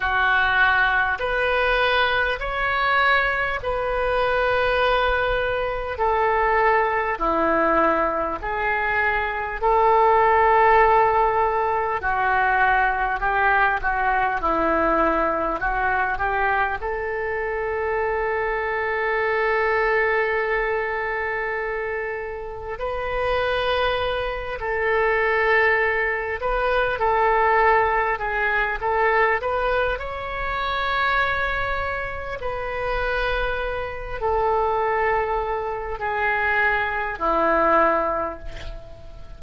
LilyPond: \new Staff \with { instrumentName = "oboe" } { \time 4/4 \tempo 4 = 50 fis'4 b'4 cis''4 b'4~ | b'4 a'4 e'4 gis'4 | a'2 fis'4 g'8 fis'8 | e'4 fis'8 g'8 a'2~ |
a'2. b'4~ | b'8 a'4. b'8 a'4 gis'8 | a'8 b'8 cis''2 b'4~ | b'8 a'4. gis'4 e'4 | }